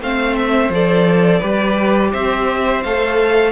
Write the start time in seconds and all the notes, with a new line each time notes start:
0.00 A3 C4 C5 F5
0.35 E5
0.69 F3 A4 D5
1.39 G3 G4 B4
2.11 C4 C5 E5
2.83 A3 A4 F5